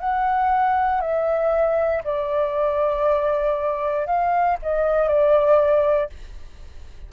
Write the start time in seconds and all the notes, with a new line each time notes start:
0.00 F#5
1.01 E5
2.04 D5
4.07 F5
4.63 D#5
5.08 D5